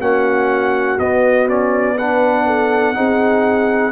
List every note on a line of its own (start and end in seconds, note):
0.00 0.99 A#3
0.00 0.99 C#4
0.00 1.96 F#4
0.00 0.99 F#5
0.99 2.96 B3
0.99 1.49 B3
0.99 1.48 D#5
1.49 1.98 C#4
1.49 1.98 D5
1.96 2.94 D4
1.96 2.45 B4
1.96 3.93 F#5
2.47 2.96 A4
2.94 3.93 C4
2.94 3.93 D#4
2.94 3.93 G#4